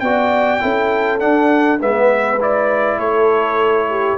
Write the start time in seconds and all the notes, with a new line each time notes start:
0.00 B3 F#4 D5 G5
0.61 C#4 E4 A4
1.19 D4 F#5
1.80 G#3 B3 B4 E5
2.41 E4 D5
2.98 A3 A4 C#5
3.89 G4